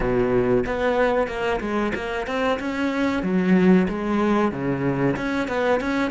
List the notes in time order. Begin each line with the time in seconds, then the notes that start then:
0.00 B2
0.66 B3
1.27 A#3
1.60 G#3
1.94 A#3
2.26 C4
2.59 C#4
3.23 F#3
3.88 G#3
4.51 C#3
5.16 C#4
5.48 B3
5.80 C#4